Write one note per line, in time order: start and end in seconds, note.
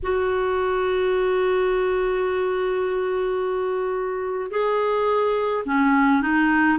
0.03 4.50 F#4
4.50 5.63 G#4
5.65 6.22 C#4
6.22 6.78 D#4